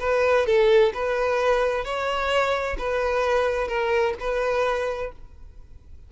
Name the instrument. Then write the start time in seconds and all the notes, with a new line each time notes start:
violin
0.00 B4
0.46 A4
0.94 B4
1.84 C#5
2.78 B4
3.68 A#4
4.20 B4